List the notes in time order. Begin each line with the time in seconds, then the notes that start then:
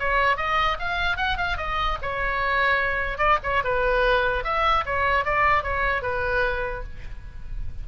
0.00 C#5
0.37 D#5
0.80 F5
1.17 F#5
1.38 F5
1.58 D#5
2.02 C#5
3.18 D5
3.44 C#5
3.65 B4
4.45 E5
4.86 C#5
5.25 D5
5.64 C#5
6.03 B4